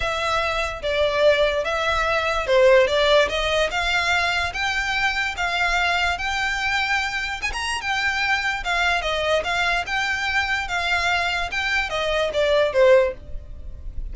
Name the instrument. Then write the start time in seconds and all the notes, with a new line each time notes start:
violin
0.00 E5
0.82 D5
1.64 E5
2.46 C5
2.87 D5
3.28 D#5
3.70 F5
4.53 G5
5.36 F5
6.18 G5
7.41 G#5
7.52 A#5
7.81 G5
8.64 F5
9.01 D#5
9.43 F5
9.86 G5
10.68 F5
11.51 G5
11.89 D#5
12.33 D5
12.72 C5